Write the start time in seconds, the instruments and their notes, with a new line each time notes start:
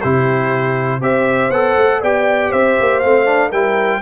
0.00 tuba C3, trombone E4, horn G4, trumpet C5
1.01 tuba C4, trombone G4, horn C5, trumpet E5
1.49 tuba B3, trombone A4, trumpet F#5
1.77 tuba A3
2.00 tuba B3, trombone G4, horn D5, trumpet G5
2.49 tuba C4, horn C5, trumpet E5
2.80 tuba A#3
2.99 tuba A3, trombone C4, trumpet F5
3.25 trombone D4
3.48 tuba G3, trombone E4, horn A#4, trumpet G5